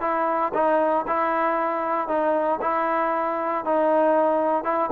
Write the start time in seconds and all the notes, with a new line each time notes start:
0.00 E4
0.54 D#4
1.07 E4
2.07 D#4
2.61 E4
3.64 D#4
4.64 E4